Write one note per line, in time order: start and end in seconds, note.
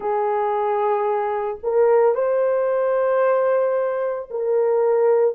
0.00 1.58 G#4
1.63 2.14 A#4
2.14 4.29 C5
4.30 5.35 A#4